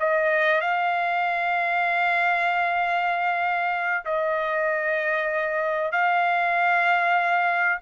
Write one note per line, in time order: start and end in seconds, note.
0.00 0.61 D#5
0.61 4.05 F5
4.05 5.92 D#5
5.92 7.79 F5